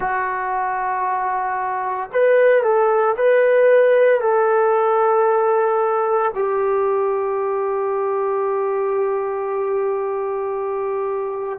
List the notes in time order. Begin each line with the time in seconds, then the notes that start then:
0.00 F#4
2.12 B4
2.63 A4
3.16 B4
4.21 A4
6.34 G4